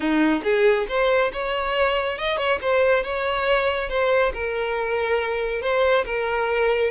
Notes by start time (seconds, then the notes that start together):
0.00 D#4
0.43 G#4
0.88 C5
1.33 C#5
2.18 D#5
2.37 C#5
2.61 C5
3.03 C#5
3.89 C5
4.33 A#4
5.61 C5
6.05 A#4